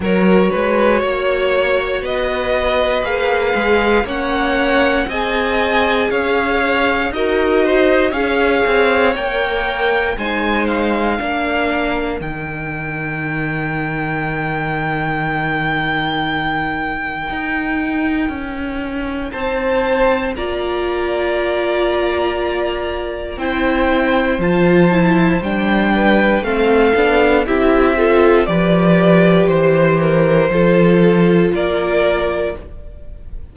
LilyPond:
<<
  \new Staff \with { instrumentName = "violin" } { \time 4/4 \tempo 4 = 59 cis''2 dis''4 f''4 | fis''4 gis''4 f''4 dis''4 | f''4 g''4 gis''8 f''4. | g''1~ |
g''2. a''4 | ais''2. g''4 | a''4 g''4 f''4 e''4 | d''4 c''2 d''4 | }
  \new Staff \with { instrumentName = "violin" } { \time 4/4 ais'8 b'8 cis''4 b'2 | cis''4 dis''4 cis''4 ais'8 c''8 | cis''2 c''4 ais'4~ | ais'1~ |
ais'2. c''4 | d''2. c''4~ | c''4. b'8 a'4 g'8 a'8 | b'4 c''8 ais'8 a'4 ais'4 | }
  \new Staff \with { instrumentName = "viola" } { \time 4/4 fis'2. gis'4 | cis'4 gis'2 fis'4 | gis'4 ais'4 dis'4 d'4 | dis'1~ |
dis'1 | f'2. e'4 | f'8 e'8 d'4 c'8 d'8 e'8 f'8 | g'2 f'2 | }
  \new Staff \with { instrumentName = "cello" } { \time 4/4 fis8 gis8 ais4 b4 ais8 gis8 | ais4 c'4 cis'4 dis'4 | cis'8 c'8 ais4 gis4 ais4 | dis1~ |
dis4 dis'4 cis'4 c'4 | ais2. c'4 | f4 g4 a8 b8 c'4 | f4 e4 f4 ais4 | }
>>